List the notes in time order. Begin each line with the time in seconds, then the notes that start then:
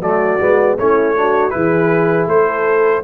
0.00 F#3 A3 F#4 D5
0.40 G#3 B3
0.77 A3 C#4 E4 C#5
1.16 D4 F#4
1.50 E3 E4 G#4 B4
2.26 A3 A4 C5